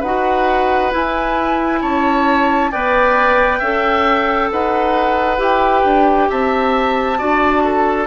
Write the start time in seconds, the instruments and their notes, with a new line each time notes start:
0.00 bassoon D#4, oboe B4, flute F#5
0.06 clarinet F#4
0.92 clarinet E4, bassoon E4, flute G#5
1.82 bassoon C#4, oboe C#5, flute A5
2.71 bassoon B3, clarinet B4, oboe D5, flute G5
3.59 bassoon C#4, clarinet A4, oboe E5
4.51 bassoon D#4, oboe B4, flute F#5
5.38 bassoon E4, clarinet G4, flute G5
5.84 bassoon D4
6.29 bassoon C4, oboe E5, flute A5
7.18 bassoon D4, clarinet F#4, oboe D5
7.64 oboe A4